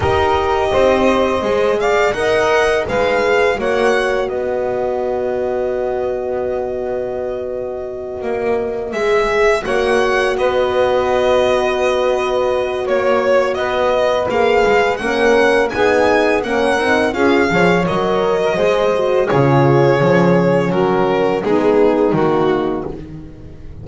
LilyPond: <<
  \new Staff \with { instrumentName = "violin" } { \time 4/4 \tempo 4 = 84 dis''2~ dis''8 f''8 fis''4 | f''4 fis''4 dis''2~ | dis''1~ | dis''8 e''4 fis''4 dis''4.~ |
dis''2 cis''4 dis''4 | f''4 fis''4 gis''4 fis''4 | f''4 dis''2 cis''4~ | cis''4 ais'4 gis'4 fis'4 | }
  \new Staff \with { instrumentName = "saxophone" } { \time 4/4 ais'4 c''4. d''8 dis''4 | b'4 cis''4 b'2~ | b'1~ | b'4. cis''4 b'4.~ |
b'2 cis''4 b'4~ | b'4 ais'4 gis'4 ais'4 | gis'8 cis''4~ cis''16 ais'16 c''4 gis'4~ | gis'4 fis'4 dis'2 | }
  \new Staff \with { instrumentName = "horn" } { \time 4/4 g'2 gis'4 ais'4 | gis'4 fis'2.~ | fis'1~ | fis'8 gis'4 fis'2~ fis'8~ |
fis'1 | gis'4 cis'4 dis'4 cis'8 dis'8 | f'8 gis'8 ais'4 gis'8 fis'8 f'4 | cis'2 b4 ais4 | }
  \new Staff \with { instrumentName = "double bass" } { \time 4/4 dis'4 c'4 gis4 dis'4 | gis4 ais4 b2~ | b2.~ b8 ais8~ | ais8 gis4 ais4 b4.~ |
b2 ais4 b4 | ais8 gis8 ais4 b4 ais8 c'8 | cis'8 f8 fis4 gis4 cis4 | f4 fis4 gis4 dis4 | }
>>